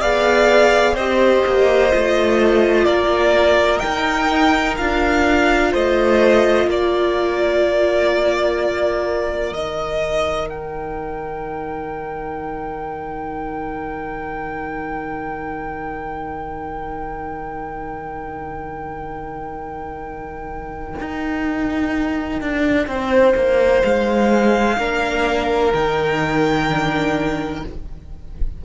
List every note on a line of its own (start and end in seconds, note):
0.00 0.96 B3
0.00 0.97 G#4
0.00 0.94 D5
0.00 0.96 F5
0.94 1.44 C4
0.94 1.91 G4
0.94 2.85 C5
0.94 2.85 D#5
1.46 1.94 A#3
1.91 2.87 A3
1.91 3.82 F4
2.85 3.82 A#3
2.85 5.72 A#4
2.85 3.79 D5
3.79 4.79 D#4
3.79 4.74 G5
4.77 5.74 D4
4.77 9.55 F4
4.77 5.72 F5
5.72 6.67 A3
5.72 6.67 C5
5.72 6.70 D#5
6.67 9.51 A#3
6.67 22.87 A#4
6.67 9.54 D5
9.51 20.94 D#3
9.51 24.78 D#4
9.51 10.49 D#5
10.50 23.82 G5
21.00 22.41 D#4
22.41 22.87 D4
22.87 23.35 C4
22.87 24.78 C5
23.35 23.83 A#3
23.82 24.78 G#3
23.82 25.73 F5
24.78 25.73 A#3
24.78 25.74 D4
24.78 27.64 A#4
25.74 27.65 D#3
25.74 26.69 D#4
25.74 27.64 G5
26.69 27.64 D4